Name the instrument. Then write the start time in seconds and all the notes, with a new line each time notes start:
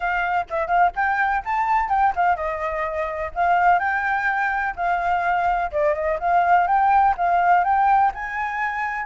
flute
0.00 F5
0.50 E5
0.67 F5
0.95 G5
1.44 A5
1.89 G5
2.15 F5
2.35 D#5
3.34 F5
3.79 G5
4.76 F5
5.71 D5
5.94 D#5
6.19 F5
6.67 G5
7.17 F5
7.64 G5
8.14 G#5